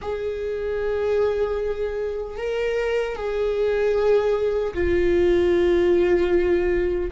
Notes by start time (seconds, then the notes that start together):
0.01 G#4
2.37 A#4
3.15 G#4
4.74 F4